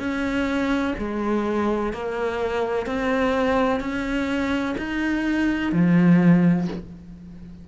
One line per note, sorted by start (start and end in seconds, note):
0.00 0.95 C#4
0.99 1.94 G#3
1.94 2.87 A#3
2.87 3.81 C4
3.81 4.76 C#4
4.78 5.73 D#4
5.73 6.68 F3